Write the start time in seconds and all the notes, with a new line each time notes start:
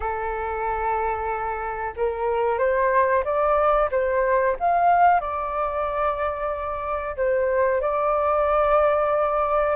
0.00 A4
1.96 A#4
2.58 C5
3.24 D5
3.91 C5
4.59 F5
5.20 D5
7.16 C5
7.81 D5